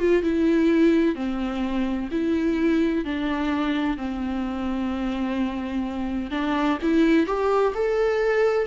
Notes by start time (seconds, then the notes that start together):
0.00 F4
0.23 E4
1.15 C4
2.11 E4
3.05 D4
3.98 C4
6.31 D4
6.82 E4
7.27 G4
7.75 A4